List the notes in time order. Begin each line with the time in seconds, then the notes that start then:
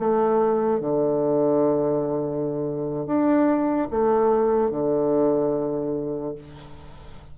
0.00 A3
0.81 D3
3.06 D4
3.91 A3
4.71 D3